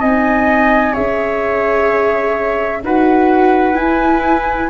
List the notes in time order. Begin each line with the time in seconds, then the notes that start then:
0.00 C4 D#4 D#5 G#5
0.93 C#4 G#4 C#5 E5
2.83 D#4 F#4 B4 F#5
3.74 E4 G#5